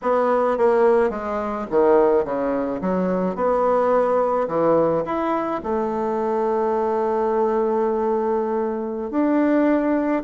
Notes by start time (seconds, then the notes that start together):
0.02 B3
0.57 A#3
1.09 G#3
1.70 D#3
2.24 C#3
2.81 F#3
3.35 B3
4.48 E3
5.05 E4
5.63 A3
9.10 D4